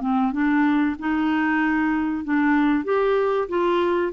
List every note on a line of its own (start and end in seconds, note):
0.00 0.32 C4
0.32 0.96 D4
0.98 2.24 D#4
2.24 2.84 D4
2.84 3.48 G4
3.48 4.12 F4